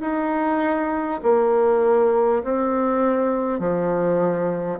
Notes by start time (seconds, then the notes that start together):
0.00 D#4
1.23 A#3
2.43 C4
3.59 F3